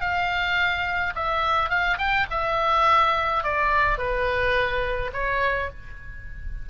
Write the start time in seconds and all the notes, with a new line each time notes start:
0.00 F5
1.15 E5
1.69 F5
1.98 G5
2.30 E5
3.44 D5
3.98 B4
5.13 C#5